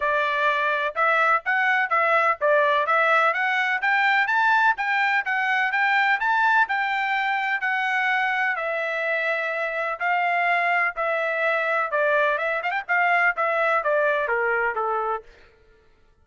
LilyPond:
\new Staff \with { instrumentName = "trumpet" } { \time 4/4 \tempo 4 = 126 d''2 e''4 fis''4 | e''4 d''4 e''4 fis''4 | g''4 a''4 g''4 fis''4 | g''4 a''4 g''2 |
fis''2 e''2~ | e''4 f''2 e''4~ | e''4 d''4 e''8 f''16 g''16 f''4 | e''4 d''4 ais'4 a'4 | }